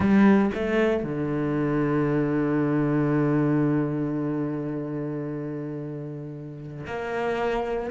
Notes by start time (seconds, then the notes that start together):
0.00 G3
0.54 A3
1.03 D3
6.86 A#3